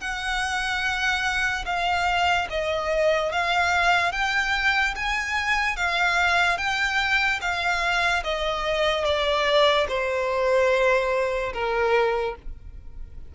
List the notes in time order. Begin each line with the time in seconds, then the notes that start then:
0.00 F#5
1.66 F5
2.50 D#5
3.32 F5
4.12 G5
4.95 G#5
5.76 F5
6.58 G5
7.41 F5
8.23 D#5
9.04 D5
9.88 C5
11.53 A#4